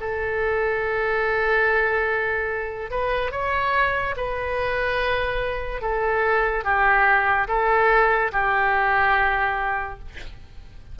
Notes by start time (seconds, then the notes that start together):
0.00 A4
2.91 B4
3.31 C#5
4.17 B4
5.81 A4
6.64 G4
7.48 A4
8.32 G4